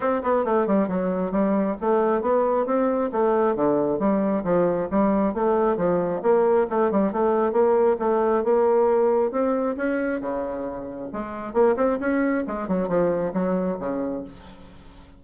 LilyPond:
\new Staff \with { instrumentName = "bassoon" } { \time 4/4 \tempo 4 = 135 c'8 b8 a8 g8 fis4 g4 | a4 b4 c'4 a4 | d4 g4 f4 g4 | a4 f4 ais4 a8 g8 |
a4 ais4 a4 ais4~ | ais4 c'4 cis'4 cis4~ | cis4 gis4 ais8 c'8 cis'4 | gis8 fis8 f4 fis4 cis4 | }